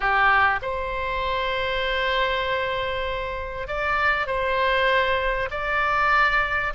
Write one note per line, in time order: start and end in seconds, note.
0.00 0.59 G4
0.62 3.67 C5
3.67 4.26 D5
4.26 5.49 C5
5.50 6.73 D5